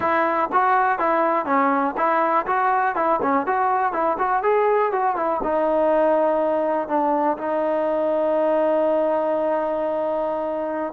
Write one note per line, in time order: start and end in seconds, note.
0.00 0.49 E4
0.52 0.98 F#4
0.98 1.45 E4
1.45 1.94 C#4
1.97 2.46 E4
2.46 2.95 F#4
2.95 3.20 E4
3.22 3.46 C#4
3.46 3.92 F#4
3.92 4.17 E4
4.18 4.42 F#4
4.42 4.92 G#4
4.92 5.15 F#4
5.15 5.40 E4
5.43 6.88 D#4
6.88 7.37 D4
7.37 10.93 D#4